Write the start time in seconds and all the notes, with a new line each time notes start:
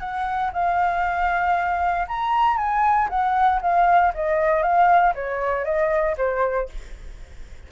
0.00 F#5
0.53 F5
2.08 A#5
2.57 G#5
3.10 F#5
3.62 F5
4.14 D#5
4.63 F5
5.15 C#5
5.65 D#5
6.18 C5